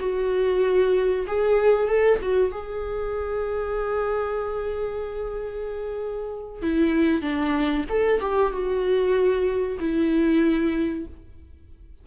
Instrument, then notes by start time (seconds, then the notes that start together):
viola
0.00 F#4
1.28 G#4
1.88 A4
2.22 F#4
2.52 G#4
6.63 E4
7.22 D4
7.89 A4
8.21 G4
8.52 F#4
9.80 E4